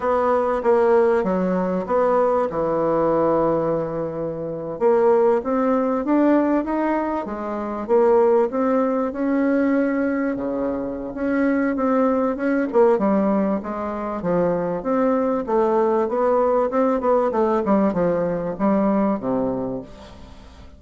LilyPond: \new Staff \with { instrumentName = "bassoon" } { \time 4/4 \tempo 4 = 97 b4 ais4 fis4 b4 | e2.~ e8. ais16~ | ais8. c'4 d'4 dis'4 gis16~ | gis8. ais4 c'4 cis'4~ cis'16~ |
cis'8. cis4~ cis16 cis'4 c'4 | cis'8 ais8 g4 gis4 f4 | c'4 a4 b4 c'8 b8 | a8 g8 f4 g4 c4 | }